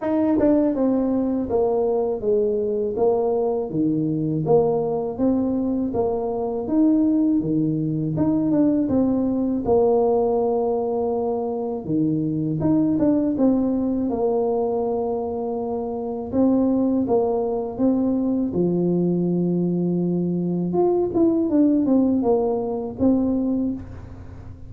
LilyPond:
\new Staff \with { instrumentName = "tuba" } { \time 4/4 \tempo 4 = 81 dis'8 d'8 c'4 ais4 gis4 | ais4 dis4 ais4 c'4 | ais4 dis'4 dis4 dis'8 d'8 | c'4 ais2. |
dis4 dis'8 d'8 c'4 ais4~ | ais2 c'4 ais4 | c'4 f2. | f'8 e'8 d'8 c'8 ais4 c'4 | }